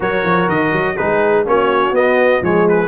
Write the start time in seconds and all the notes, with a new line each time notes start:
0.00 F#3 F#4 A#4 C#5
0.24 F3
0.48 D#3 D#5
0.72 F#3
0.96 G#3 D#4 G#4 B4
1.45 A#3 C#4 F#4 C#5
1.91 B3 D#5
2.42 F3 G#3 G#4 C#5
2.68 B4